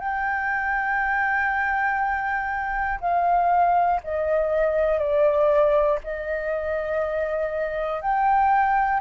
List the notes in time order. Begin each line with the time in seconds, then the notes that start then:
0.00 G5
3.01 F5
4.04 D#5
4.99 D5
6.04 D#5
8.02 G5